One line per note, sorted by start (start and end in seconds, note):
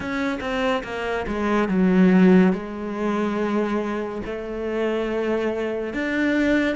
0.00 0.38 C#4
0.40 0.82 C4
0.83 1.26 A#3
1.27 1.68 G#3
1.68 2.52 F#3
2.52 4.21 G#3
4.25 5.93 A3
5.93 6.75 D4